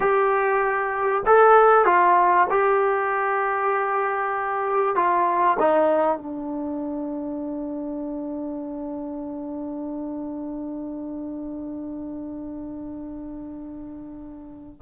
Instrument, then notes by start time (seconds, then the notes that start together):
trombone
0.00 G4
1.26 A4
1.85 F4
2.50 G4
4.95 F4
5.59 D#4
6.17 D4